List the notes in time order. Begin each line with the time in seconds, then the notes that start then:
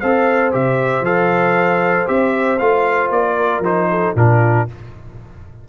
0.00 C4 A4 C5 F5
0.52 C3 G4 E5
1.01 F3 A4 F5
2.06 C4 G4 E5
2.59 A3 F4 F5
3.10 A#3 D5
3.37 A#4
3.60 F3 D#4 C5
3.90 A4
4.15 A#2 D4 F4 A#4